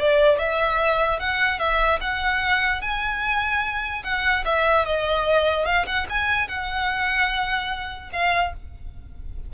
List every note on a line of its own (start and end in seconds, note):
0.00 0.39 D5
0.39 1.20 E5
1.20 1.59 F#5
1.59 2.00 E5
2.01 2.82 F#5
2.82 4.03 G#5
4.04 4.45 F#5
4.45 4.86 E5
4.86 5.66 D#5
5.66 5.86 F5
5.87 6.07 F#5
6.10 6.49 G#5
6.49 8.11 F#5
8.13 8.54 F5